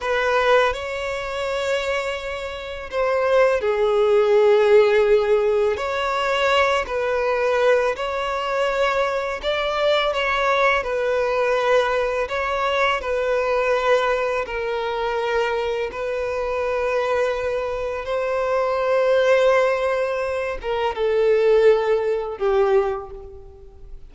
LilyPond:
\new Staff \with { instrumentName = "violin" } { \time 4/4 \tempo 4 = 83 b'4 cis''2. | c''4 gis'2. | cis''4. b'4. cis''4~ | cis''4 d''4 cis''4 b'4~ |
b'4 cis''4 b'2 | ais'2 b'2~ | b'4 c''2.~ | c''8 ais'8 a'2 g'4 | }